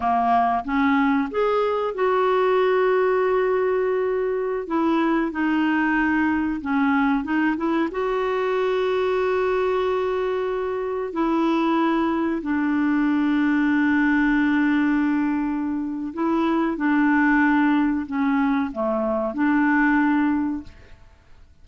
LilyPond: \new Staff \with { instrumentName = "clarinet" } { \time 4/4 \tempo 4 = 93 ais4 cis'4 gis'4 fis'4~ | fis'2.~ fis'16 e'8.~ | e'16 dis'2 cis'4 dis'8 e'16~ | e'16 fis'2.~ fis'8.~ |
fis'4~ fis'16 e'2 d'8.~ | d'1~ | d'4 e'4 d'2 | cis'4 a4 d'2 | }